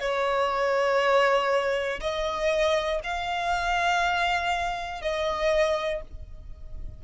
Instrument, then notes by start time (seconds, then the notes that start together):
violin
0.00 C#5
2.00 D#5
3.04 F5
5.01 D#5